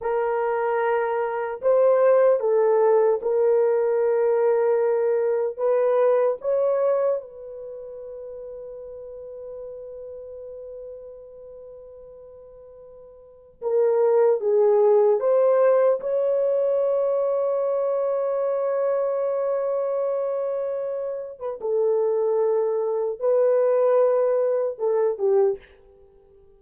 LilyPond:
\new Staff \with { instrumentName = "horn" } { \time 4/4 \tempo 4 = 75 ais'2 c''4 a'4 | ais'2. b'4 | cis''4 b'2.~ | b'1~ |
b'4 ais'4 gis'4 c''4 | cis''1~ | cis''2~ cis''8. b'16 a'4~ | a'4 b'2 a'8 g'8 | }